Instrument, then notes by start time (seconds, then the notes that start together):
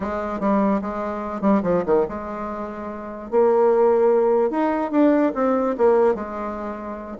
bassoon
0.00 G#3
0.39 G3
0.81 G#3
1.41 G3
1.63 F3
1.86 D#3
2.08 G#3
3.31 A#3
4.50 D#4
4.91 D4
5.34 C4
5.77 A#3
6.14 G#3